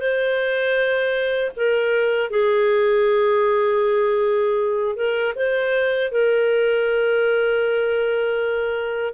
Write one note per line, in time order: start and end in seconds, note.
0.00 1.52 C5
1.56 2.31 A#4
2.31 4.96 G#4
4.96 5.34 A#4
5.36 6.12 C5
6.12 9.14 A#4